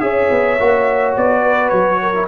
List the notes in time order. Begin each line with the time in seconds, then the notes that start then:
0.00 C#4 G#4 C#5 E5
0.30 B3
0.59 A#3 F#4
1.16 B3 D5
1.42 B4
1.69 F#3 C#5
2.02 A#4
2.14 E4